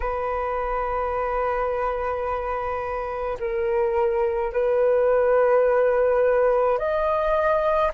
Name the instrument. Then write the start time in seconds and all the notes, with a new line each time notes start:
flute
0.00 B4
3.39 A#4
4.53 B4
6.78 D#5